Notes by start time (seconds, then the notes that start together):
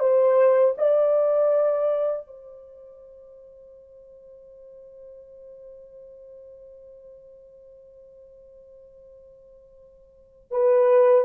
0.00 C5
0.78 D5
2.27 C5
10.51 B4